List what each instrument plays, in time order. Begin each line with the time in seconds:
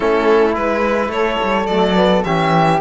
0.00 cello A3, trombone C#4, flute E4, violin A4
0.52 cello G#3, trombone E4, violin B4
1.08 cello A3, flute A4, violin C#5
1.43 cello G3
1.66 cello F#3, trombone A3, violin D5
1.95 trombone B3
2.24 cello E3, trombone C#4, flute G4, violin E5